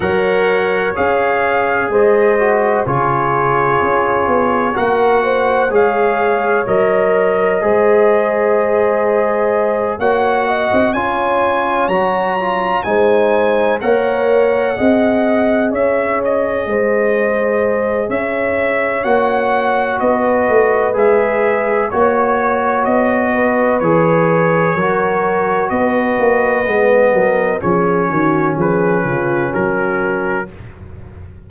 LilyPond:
<<
  \new Staff \with { instrumentName = "trumpet" } { \time 4/4 \tempo 4 = 63 fis''4 f''4 dis''4 cis''4~ | cis''4 fis''4 f''4 dis''4~ | dis''2~ dis''8 fis''4 gis''8~ | gis''8 ais''4 gis''4 fis''4.~ |
fis''8 e''8 dis''2 e''4 | fis''4 dis''4 e''4 cis''4 | dis''4 cis''2 dis''4~ | dis''4 cis''4 b'4 ais'4 | }
  \new Staff \with { instrumentName = "horn" } { \time 4/4 cis''2 c''4 gis'4~ | gis'4 ais'8 c''8 cis''2 | c''2~ c''8 cis''8 dis''8 cis''8~ | cis''4. c''4 cis''4 dis''8~ |
dis''8 cis''4 c''4. cis''4~ | cis''4 b'2 cis''4~ | cis''8 b'4. ais'4 b'4~ | b'8 ais'8 gis'8 fis'8 gis'8 f'8 fis'4 | }
  \new Staff \with { instrumentName = "trombone" } { \time 4/4 ais'4 gis'4. fis'8 f'4~ | f'4 fis'4 gis'4 ais'4 | gis'2~ gis'8 fis'4 f'8~ | f'8 fis'8 f'8 dis'4 ais'4 gis'8~ |
gis'1 | fis'2 gis'4 fis'4~ | fis'4 gis'4 fis'2 | b4 cis'2. | }
  \new Staff \with { instrumentName = "tuba" } { \time 4/4 fis4 cis'4 gis4 cis4 | cis'8 b8 ais4 gis4 fis4 | gis2~ gis8 ais8. c'16 cis'8~ | cis'8 fis4 gis4 ais4 c'8~ |
c'8 cis'4 gis4. cis'4 | ais4 b8 a8 gis4 ais4 | b4 e4 fis4 b8 ais8 | gis8 fis8 f8 dis8 f8 cis8 fis4 | }
>>